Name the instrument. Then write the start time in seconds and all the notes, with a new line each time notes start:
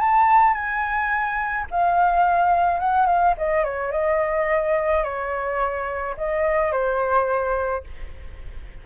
flute
0.00 A5
0.54 G#5
1.71 F5
2.80 F#5
3.06 F5
3.37 D#5
3.64 C#5
3.92 D#5
5.04 C#5
6.17 D#5
6.72 C5